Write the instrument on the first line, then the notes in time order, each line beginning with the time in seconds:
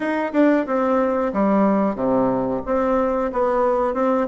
bassoon
0.00 D#4
0.33 D4
0.66 C4
1.33 G3
1.95 C3
2.65 C4
3.32 B3
3.94 C4